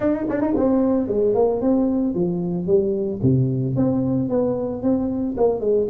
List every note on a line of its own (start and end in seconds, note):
0.00 0.26 D#4
0.29 0.41 D4
0.41 0.54 D#4
0.56 1.07 C4
1.07 1.34 G#3
1.34 1.61 A#3
1.61 2.14 C4
2.14 2.66 F3
2.66 3.20 G3
3.22 3.75 C3
3.75 4.29 C4
4.29 4.82 B3
4.82 5.36 C4
5.37 5.60 A#3
5.60 5.87 G#3